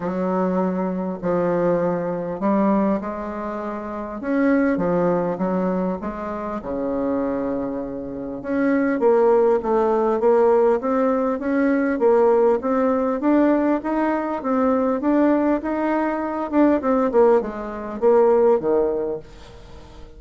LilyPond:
\new Staff \with { instrumentName = "bassoon" } { \time 4/4 \tempo 4 = 100 fis2 f2 | g4 gis2 cis'4 | f4 fis4 gis4 cis4~ | cis2 cis'4 ais4 |
a4 ais4 c'4 cis'4 | ais4 c'4 d'4 dis'4 | c'4 d'4 dis'4. d'8 | c'8 ais8 gis4 ais4 dis4 | }